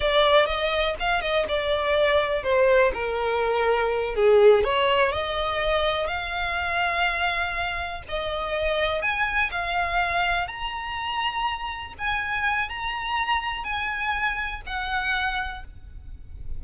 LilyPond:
\new Staff \with { instrumentName = "violin" } { \time 4/4 \tempo 4 = 123 d''4 dis''4 f''8 dis''8 d''4~ | d''4 c''4 ais'2~ | ais'8 gis'4 cis''4 dis''4.~ | dis''8 f''2.~ f''8~ |
f''8 dis''2 gis''4 f''8~ | f''4. ais''2~ ais''8~ | ais''8 gis''4. ais''2 | gis''2 fis''2 | }